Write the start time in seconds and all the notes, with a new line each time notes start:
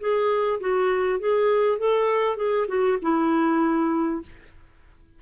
0.00 G#4
0.61 F#4
1.20 G#4
1.79 A4
2.37 G#4
2.68 F#4
3.02 E4